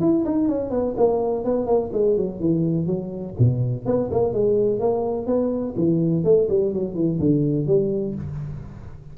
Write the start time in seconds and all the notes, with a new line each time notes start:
0.00 E4
0.25 D#4
0.48 C#4
0.70 B3
0.96 A#3
1.44 B3
1.66 A#3
1.92 G#3
2.16 F#3
2.40 E3
2.86 F#3
3.38 B2
3.85 B3
4.11 A#3
4.33 G#3
4.79 A#3
5.26 B3
5.76 E3
6.24 A3
6.49 G3
6.73 F#3
6.94 E3
7.19 D3
7.66 G3